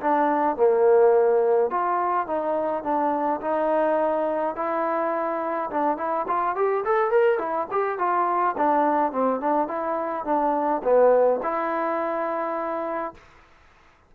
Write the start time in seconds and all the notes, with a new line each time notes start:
0.00 D4
0.56 A#3
1.70 F4
2.26 D#4
2.83 D4
3.41 D#4
4.55 E4
5.70 D4
5.97 E4
6.28 F4
6.55 G4
6.85 A4
7.11 A#4
7.38 E4
7.71 G4
7.98 F4
8.57 D4
9.12 C4
9.40 D4
9.68 E4
10.25 D4
10.83 B3
11.42 E4